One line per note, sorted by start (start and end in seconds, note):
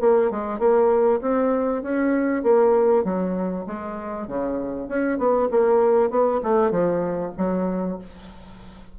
0.00 0.30 A#3
0.30 0.59 G#3
0.59 1.20 A#3
1.21 1.82 C4
1.82 2.43 C#4
2.43 3.04 A#3
3.04 3.65 F#3
3.66 4.27 G#3
4.27 4.88 C#3
4.88 5.18 C#4
5.18 5.48 B3
5.50 6.10 A#3
6.10 6.40 B3
6.43 6.71 A3
6.71 7.32 F3
7.37 7.98 F#3